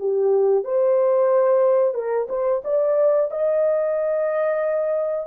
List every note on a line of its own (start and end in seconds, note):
0.00 0.65 G4
0.65 1.95 C5
1.95 2.28 A#4
2.29 2.63 C5
2.65 3.32 D5
3.32 5.27 D#5